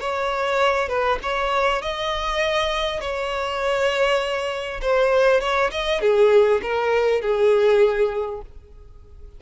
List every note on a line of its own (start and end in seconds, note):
0.00 0.88 C#5
0.88 1.18 B4
1.22 1.82 C#5
1.82 3.01 D#5
3.01 4.81 C#5
4.81 5.40 C5
5.40 5.70 C#5
5.71 6.01 D#5
6.01 6.61 G#4
6.62 7.21 A#4
7.21 8.41 G#4